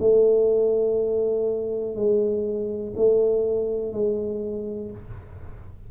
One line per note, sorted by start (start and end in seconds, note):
0.00 1.96 A3
1.96 2.94 G#3
2.96 3.93 A3
3.93 4.91 G#3